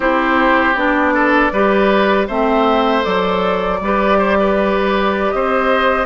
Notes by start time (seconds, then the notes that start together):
0.00 C4 E4 G4 C5
0.75 B3 D4 D5
1.14 A4
1.52 G3 G4 B4
2.27 A3 C4 C5 E5
3.03 F#3 A4 D5
3.80 G3 G4 B4
4.18 C5
4.39 B4
5.30 C4 C5 D#5